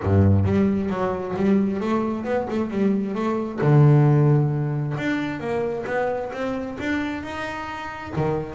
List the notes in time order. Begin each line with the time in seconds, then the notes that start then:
0.02 G2
0.44 G3
0.89 F#3
1.36 G3
1.80 A3
2.24 B3
2.50 A3
2.70 G3
3.14 A3
3.61 D3
4.97 D4
5.40 A#3
5.86 B3
6.32 C4
6.79 D4
7.23 D#4
8.16 D#3